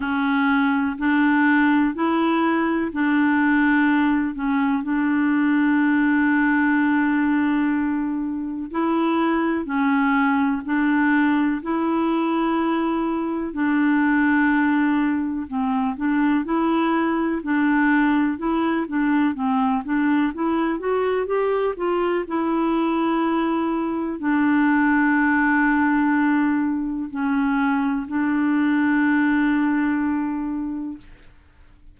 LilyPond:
\new Staff \with { instrumentName = "clarinet" } { \time 4/4 \tempo 4 = 62 cis'4 d'4 e'4 d'4~ | d'8 cis'8 d'2.~ | d'4 e'4 cis'4 d'4 | e'2 d'2 |
c'8 d'8 e'4 d'4 e'8 d'8 | c'8 d'8 e'8 fis'8 g'8 f'8 e'4~ | e'4 d'2. | cis'4 d'2. | }